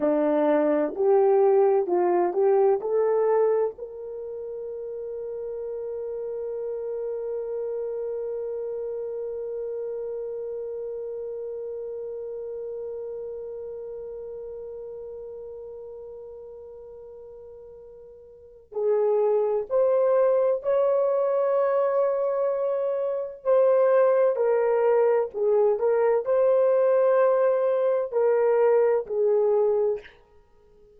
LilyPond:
\new Staff \with { instrumentName = "horn" } { \time 4/4 \tempo 4 = 64 d'4 g'4 f'8 g'8 a'4 | ais'1~ | ais'1~ | ais'1~ |
ais'1 | gis'4 c''4 cis''2~ | cis''4 c''4 ais'4 gis'8 ais'8 | c''2 ais'4 gis'4 | }